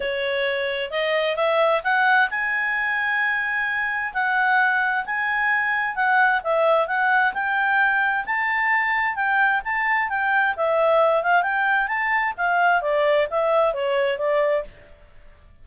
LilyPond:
\new Staff \with { instrumentName = "clarinet" } { \time 4/4 \tempo 4 = 131 cis''2 dis''4 e''4 | fis''4 gis''2.~ | gis''4 fis''2 gis''4~ | gis''4 fis''4 e''4 fis''4 |
g''2 a''2 | g''4 a''4 g''4 e''4~ | e''8 f''8 g''4 a''4 f''4 | d''4 e''4 cis''4 d''4 | }